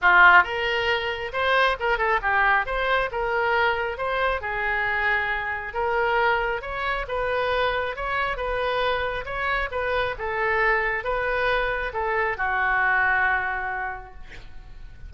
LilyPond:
\new Staff \with { instrumentName = "oboe" } { \time 4/4 \tempo 4 = 136 f'4 ais'2 c''4 | ais'8 a'8 g'4 c''4 ais'4~ | ais'4 c''4 gis'2~ | gis'4 ais'2 cis''4 |
b'2 cis''4 b'4~ | b'4 cis''4 b'4 a'4~ | a'4 b'2 a'4 | fis'1 | }